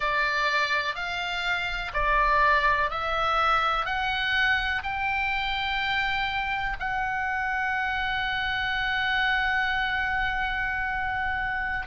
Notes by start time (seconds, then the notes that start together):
0.00 D5
0.95 F5
1.93 D5
2.90 E5
3.85 F#5
4.83 G5
6.79 F#5